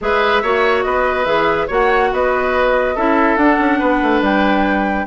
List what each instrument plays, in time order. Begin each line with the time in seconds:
0.01 bassoon G#3, clarinet G#4, oboe B4, flute E5
0.42 bassoon A#3, clarinet F#4, oboe C#5
0.82 bassoon B3, oboe B4, flute D#5
1.24 bassoon E3, clarinet G#4, flute E5
1.67 bassoon A#3, clarinet F#4, oboe C#5, flute F#5
2.12 bassoon B3, oboe B4, flute D#5
2.95 bassoon C#4, clarinet E4, oboe A4, flute E5
3.36 bassoon D4, clarinet D4, flute F#5
3.59 bassoon C#4
3.79 bassoon B3, oboe B4
4.01 bassoon A3
4.21 bassoon G3, flute G5